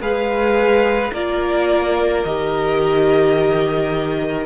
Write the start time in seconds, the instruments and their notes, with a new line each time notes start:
0.00 cello G#3, viola G#4, violin B4 F5
1.12 cello A#3, viola F4, violin A#4 D5
2.24 cello D#3, viola G4, violin D#5